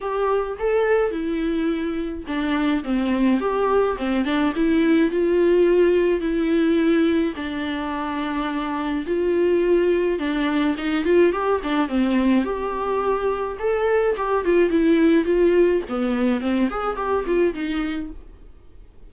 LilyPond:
\new Staff \with { instrumentName = "viola" } { \time 4/4 \tempo 4 = 106 g'4 a'4 e'2 | d'4 c'4 g'4 c'8 d'8 | e'4 f'2 e'4~ | e'4 d'2. |
f'2 d'4 dis'8 f'8 | g'8 d'8 c'4 g'2 | a'4 g'8 f'8 e'4 f'4 | b4 c'8 gis'8 g'8 f'8 dis'4 | }